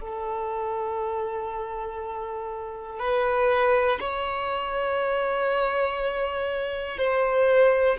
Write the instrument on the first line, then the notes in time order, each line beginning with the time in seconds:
violin
0.00 A4
2.99 B4
4.00 C#5
6.98 C5